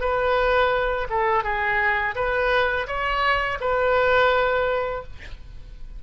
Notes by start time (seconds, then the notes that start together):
0.00 B4
1.09 A4
1.43 G#4
2.15 B4
2.87 C#5
3.60 B4